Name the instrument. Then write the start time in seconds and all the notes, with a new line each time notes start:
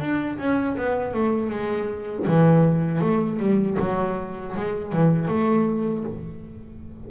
double bass
0.00 D4
0.39 C#4
0.77 B3
1.14 A3
1.50 G#3
2.27 E3
3.01 A3
3.39 G3
3.80 F#3
4.56 G#3
4.93 E3
5.28 A3